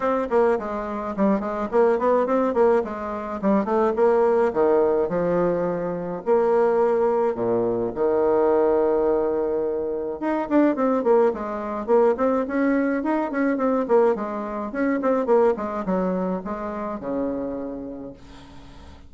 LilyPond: \new Staff \with { instrumentName = "bassoon" } { \time 4/4 \tempo 4 = 106 c'8 ais8 gis4 g8 gis8 ais8 b8 | c'8 ais8 gis4 g8 a8 ais4 | dis4 f2 ais4~ | ais4 ais,4 dis2~ |
dis2 dis'8 d'8 c'8 ais8 | gis4 ais8 c'8 cis'4 dis'8 cis'8 | c'8 ais8 gis4 cis'8 c'8 ais8 gis8 | fis4 gis4 cis2 | }